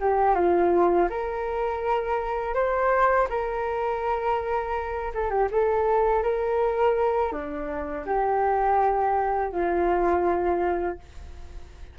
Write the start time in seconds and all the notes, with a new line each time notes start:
0.00 G4
0.35 F4
1.10 A#4
2.54 C5
3.29 A#4
5.14 A4
5.30 G4
5.51 A4
6.23 A#4
7.32 D4
8.06 G4
9.53 F4